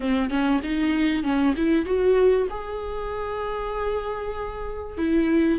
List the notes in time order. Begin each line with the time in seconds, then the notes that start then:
0.00 C4
0.30 C#4
0.63 D#4
1.23 C#4
1.56 E4
1.85 F#4
2.50 G#4
4.97 E4